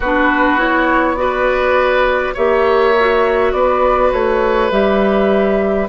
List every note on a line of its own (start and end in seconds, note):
0.00 2.33 B3
0.00 0.57 D4
0.00 1.15 F#4
0.00 0.60 B4
0.57 1.16 E4
0.57 1.16 C#5
1.16 2.34 F#4
1.16 2.34 B4
1.16 2.34 D5
2.34 3.52 A#3
2.34 2.94 G4
2.34 3.51 C#5
2.34 3.52 E5
2.99 4.71 F#4
3.52 4.11 B3
3.52 5.88 B4
3.52 4.11 D5
4.12 4.70 A3
4.12 4.71 C#5
4.70 5.88 G3
4.70 5.88 G4
4.70 5.88 E5